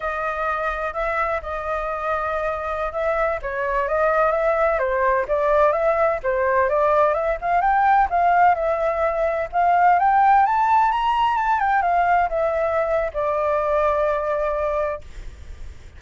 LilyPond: \new Staff \with { instrumentName = "flute" } { \time 4/4 \tempo 4 = 128 dis''2 e''4 dis''4~ | dis''2~ dis''16 e''4 cis''8.~ | cis''16 dis''4 e''4 c''4 d''8.~ | d''16 e''4 c''4 d''4 e''8 f''16~ |
f''16 g''4 f''4 e''4.~ e''16~ | e''16 f''4 g''4 a''4 ais''8.~ | ais''16 a''8 g''8 f''4 e''4.~ e''16 | d''1 | }